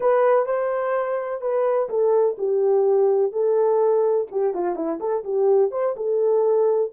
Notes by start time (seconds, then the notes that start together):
0.00 B4
0.46 C5
1.41 B4
1.89 A4
2.38 G4
3.32 A4
4.31 G4
4.54 F4
4.75 E4
5.00 A4
5.23 G4
5.71 C5
5.96 A4